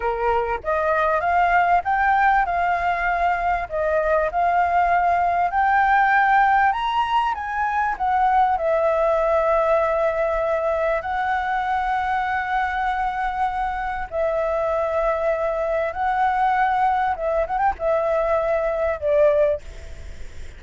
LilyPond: \new Staff \with { instrumentName = "flute" } { \time 4/4 \tempo 4 = 98 ais'4 dis''4 f''4 g''4 | f''2 dis''4 f''4~ | f''4 g''2 ais''4 | gis''4 fis''4 e''2~ |
e''2 fis''2~ | fis''2. e''4~ | e''2 fis''2 | e''8 fis''16 g''16 e''2 d''4 | }